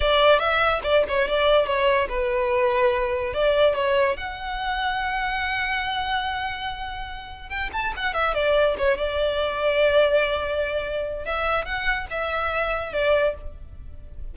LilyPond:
\new Staff \with { instrumentName = "violin" } { \time 4/4 \tempo 4 = 144 d''4 e''4 d''8 cis''8 d''4 | cis''4 b'2. | d''4 cis''4 fis''2~ | fis''1~ |
fis''2 g''8 a''8 fis''8 e''8 | d''4 cis''8 d''2~ d''8~ | d''2. e''4 | fis''4 e''2 d''4 | }